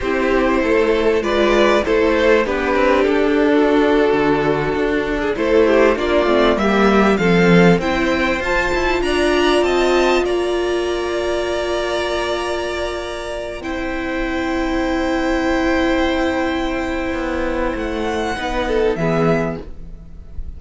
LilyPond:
<<
  \new Staff \with { instrumentName = "violin" } { \time 4/4 \tempo 4 = 98 c''2 d''4 c''4 | b'4 a'2.~ | a'8. c''4 d''4 e''4 f''16~ | f''8. g''4 a''4 ais''4 a''16~ |
a''8. ais''2.~ ais''16~ | ais''2~ ais''16 g''4.~ g''16~ | g''1~ | g''4 fis''2 e''4 | }
  \new Staff \with { instrumentName = "violin" } { \time 4/4 g'4 a'4 b'4 a'4 | g'4.~ g'16 fis'2~ fis'16~ | fis'8 gis'16 a'8 g'8 f'4 g'4 a'16~ | a'8. c''2 d''4 dis''16~ |
dis''8. d''2.~ d''16~ | d''2~ d''16 c''4.~ c''16~ | c''1~ | c''2 b'8 a'8 gis'4 | }
  \new Staff \with { instrumentName = "viola" } { \time 4/4 e'2 f'4 e'4 | d'1~ | d'8. e'4 d'8 c'8 ais4 c'16~ | c'8. e'4 f'2~ f'16~ |
f'1~ | f'2~ f'16 e'4.~ e'16~ | e'1~ | e'2 dis'4 b4 | }
  \new Staff \with { instrumentName = "cello" } { \time 4/4 c'4 a4 gis4 a4 | b8 c'8 d'4.~ d'16 d4 d'16~ | d'8. a4 ais8 a8 g4 f16~ | f8. c'4 f'8 e'8 d'4 c'16~ |
c'8. ais2.~ ais16~ | ais2~ ais16 c'4.~ c'16~ | c'1 | b4 a4 b4 e4 | }
>>